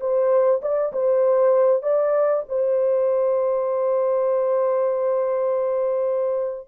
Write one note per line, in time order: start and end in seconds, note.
0.00 0.61 C5
0.61 0.92 D5
0.92 1.82 C5
1.82 2.43 D5
2.48 6.68 C5